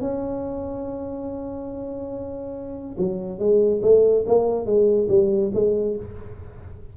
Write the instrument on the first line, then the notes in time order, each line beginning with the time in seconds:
tuba
0.00 C#4
2.97 F#3
3.38 G#3
3.82 A3
4.26 A#3
4.65 G#3
5.09 G3
5.54 G#3